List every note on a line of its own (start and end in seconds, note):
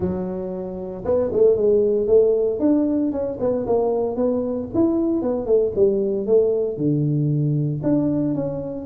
0.00 1.04 F#3
1.04 1.30 B3
1.32 1.56 A3
1.56 2.07 G#3
2.07 2.59 A3
2.59 3.11 D4
3.12 3.38 C#4
3.40 3.66 B3
3.66 4.16 A#3
4.16 4.68 B3
4.74 5.22 E4
5.22 5.45 B3
5.45 5.72 A3
5.75 6.26 G3
6.26 6.77 A3
6.77 7.81 D3
7.83 8.35 D4
8.35 8.86 C#4